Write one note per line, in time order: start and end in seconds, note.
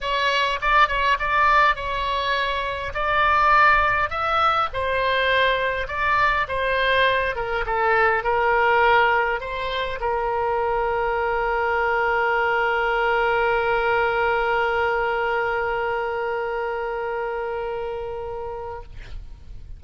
0.00 0.59 C#5
0.61 0.88 D5
0.88 1.17 C#5
1.19 1.75 D5
1.75 2.93 C#5
2.94 4.09 D5
4.09 4.68 E5
4.73 5.87 C5
5.87 6.46 D5
6.48 7.35 C5
7.35 7.65 A#4
7.66 8.23 A4
8.23 9.40 A#4
9.40 9.99 C5
10.00 18.82 A#4